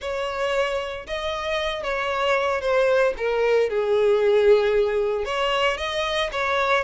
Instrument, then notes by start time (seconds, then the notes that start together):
violin
0.01 C#5
1.06 D#5
1.83 C#5
2.61 C5
3.17 A#4
3.69 G#4
5.24 C#5
5.77 D#5
6.32 C#5